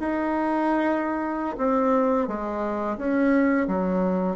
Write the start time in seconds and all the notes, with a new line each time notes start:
0.00 D#4
1.58 C4
2.28 G#3
2.98 C#4
3.68 F#3